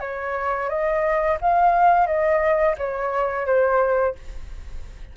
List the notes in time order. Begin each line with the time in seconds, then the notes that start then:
0.00 C#5
0.69 D#5
1.41 F5
2.07 D#5
2.78 C#5
3.46 C5